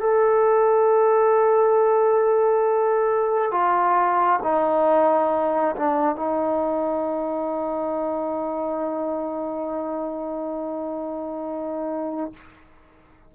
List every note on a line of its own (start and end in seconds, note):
0.00 3.51 A4
3.51 4.39 F4
4.43 5.75 D#4
5.76 6.15 D4
6.15 12.33 D#4